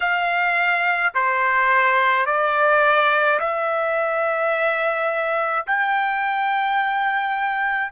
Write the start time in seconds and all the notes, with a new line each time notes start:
0.00 F5
1.14 C5
2.26 D5
3.39 E5
5.67 G5